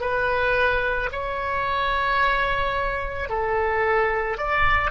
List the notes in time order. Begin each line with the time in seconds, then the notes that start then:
0.00 B4
1.12 C#5
3.29 A4
4.37 D5